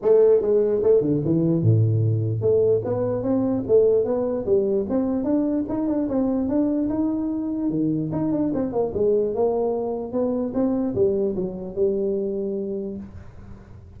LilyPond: \new Staff \with { instrumentName = "tuba" } { \time 4/4 \tempo 4 = 148 a4 gis4 a8 d8 e4 | a,2 a4 b4 | c'4 a4 b4 g4 | c'4 d'4 dis'8 d'8 c'4 |
d'4 dis'2 dis4 | dis'8 d'8 c'8 ais8 gis4 ais4~ | ais4 b4 c'4 g4 | fis4 g2. | }